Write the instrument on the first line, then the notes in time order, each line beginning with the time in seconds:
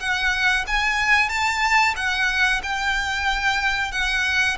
violin
0.00 F#5
0.67 G#5
1.30 A5
1.97 F#5
2.63 G5
3.92 F#5